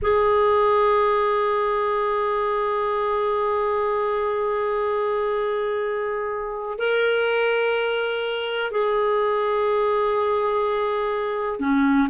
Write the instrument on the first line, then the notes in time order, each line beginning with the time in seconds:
clarinet
0.01 G#4
6.78 A#4
8.71 G#4
11.59 C#4